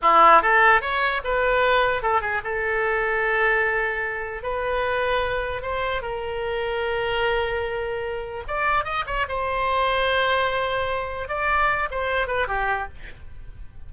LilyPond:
\new Staff \with { instrumentName = "oboe" } { \time 4/4 \tempo 4 = 149 e'4 a'4 cis''4 b'4~ | b'4 a'8 gis'8 a'2~ | a'2. b'4~ | b'2 c''4 ais'4~ |
ais'1~ | ais'4 d''4 dis''8 cis''8 c''4~ | c''1 | d''4. c''4 b'8 g'4 | }